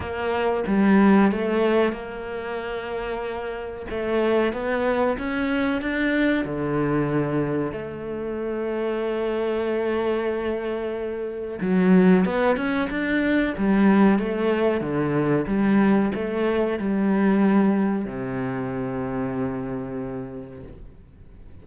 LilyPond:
\new Staff \with { instrumentName = "cello" } { \time 4/4 \tempo 4 = 93 ais4 g4 a4 ais4~ | ais2 a4 b4 | cis'4 d'4 d2 | a1~ |
a2 fis4 b8 cis'8 | d'4 g4 a4 d4 | g4 a4 g2 | c1 | }